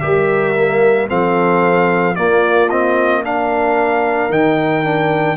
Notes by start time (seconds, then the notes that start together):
0.00 G3 G4 A#4 E5
0.55 A#3
1.08 F3 C4 A4 F5
2.15 A#3 F4 D5
2.69 C4 D#5
3.23 D4 A#4 F5
4.29 D#3 D#4 G5
4.83 D4